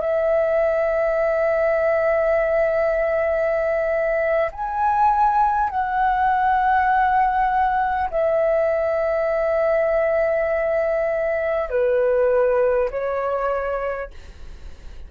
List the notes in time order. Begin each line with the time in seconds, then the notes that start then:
0.00 E5
4.52 G#5
5.69 F#5
8.10 E5
11.69 B4
12.90 C#5